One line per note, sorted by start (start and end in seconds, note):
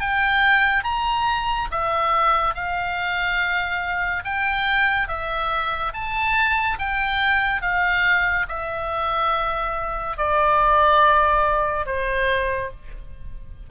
0.00 0.83 G5
0.83 1.68 A#5
1.71 2.54 E5
2.54 4.23 F5
4.24 5.08 G5
5.08 5.92 E5
5.93 6.78 A5
6.79 7.61 G5
7.61 8.46 F5
8.48 10.17 E5
10.17 11.86 D5
11.86 12.70 C5